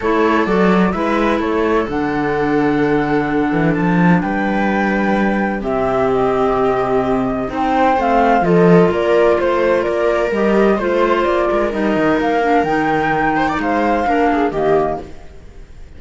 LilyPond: <<
  \new Staff \with { instrumentName = "flute" } { \time 4/4 \tempo 4 = 128 cis''4 d''4 e''4 cis''4 | fis''1 | a''4 g''2. | e''4 dis''2. |
g''4 f''4 dis''4 d''4 | c''4 d''4 dis''4 c''4 | d''4 dis''4 f''4 g''4~ | g''4 f''2 dis''4 | }
  \new Staff \with { instrumentName = "viola" } { \time 4/4 a'2 b'4 a'4~ | a'1~ | a'4 b'2. | g'1 |
c''2 a'4 ais'4 | c''4 ais'2 c''4~ | c''8 ais'2.~ ais'8~ | ais'8 c''16 d''16 c''4 ais'8 gis'8 g'4 | }
  \new Staff \with { instrumentName = "clarinet" } { \time 4/4 e'4 fis'4 e'2 | d'1~ | d'1 | c'1 |
dis'4 c'4 f'2~ | f'2 g'4 f'4~ | f'4 dis'4. d'8 dis'4~ | dis'2 d'4 ais4 | }
  \new Staff \with { instrumentName = "cello" } { \time 4/4 a4 fis4 gis4 a4 | d2.~ d8 e8 | f4 g2. | c1 |
c'4 a4 f4 ais4 | a4 ais4 g4 a4 | ais8 gis8 g8 dis8 ais4 dis4~ | dis4 gis4 ais4 dis4 | }
>>